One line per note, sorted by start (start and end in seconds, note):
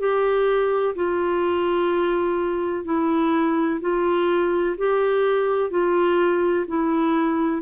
0.00 0.95 G4
0.96 2.85 F4
2.85 3.81 E4
3.81 4.76 F4
4.78 5.71 G4
5.71 6.66 F4
6.68 7.62 E4